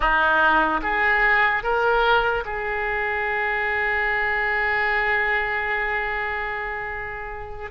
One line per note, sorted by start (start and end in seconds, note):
0.00 0.80 D#4
0.82 1.63 G#4
1.63 2.44 A#4
2.45 7.70 G#4